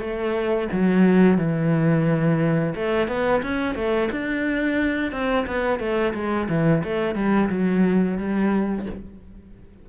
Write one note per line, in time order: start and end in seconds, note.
0.00 0.68 A3
0.72 1.37 F#3
1.37 2.74 E3
2.75 3.07 A3
3.07 3.42 B3
3.42 3.75 C#4
3.75 4.09 A3
4.11 5.12 D4
5.12 5.46 C4
5.46 5.79 B3
5.79 6.13 A3
6.14 6.48 G#3
6.49 6.83 E3
6.84 7.15 A3
7.15 7.49 G3
7.49 8.18 F#3
8.18 8.86 G3